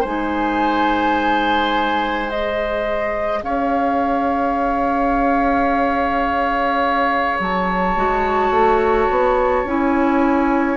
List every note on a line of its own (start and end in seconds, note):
0.00 3.42 G#3
0.00 2.30 D#4
0.00 3.40 C5
0.00 2.29 G#5
2.29 7.96 G#4
2.29 3.43 D#5
3.42 7.38 C#4
3.42 10.77 C#5
3.42 7.39 F5
7.39 7.96 F#3
7.39 9.67 A5
7.96 8.50 G#3
7.96 9.65 F#4
8.50 9.07 A3
9.10 9.64 B3
9.64 10.77 C#4
9.64 10.77 E4
9.64 10.77 G#5